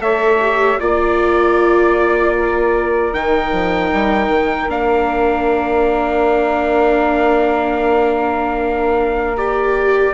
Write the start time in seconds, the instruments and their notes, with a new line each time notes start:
0.00 bassoon A3, viola A4, saxophone C#5, trumpet E5
0.41 viola G4
0.80 bassoon A#3, viola F4, trumpet D5, saxophone D5
2.37 saxophone A#4
3.14 bassoon D#3, viola D#4, trumpet G5
3.52 bassoon F3
3.93 bassoon G3
4.28 bassoon D#3
4.68 bassoon A#3, viola D4, trumpet F5
9.37 viola G4, trumpet D5